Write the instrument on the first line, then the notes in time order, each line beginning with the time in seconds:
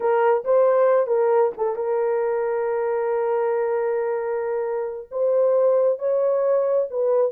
horn
0.00 A#4
0.44 C5
1.07 A#4
1.57 A4
1.75 A#4
5.11 C5
5.98 C#5
6.90 B4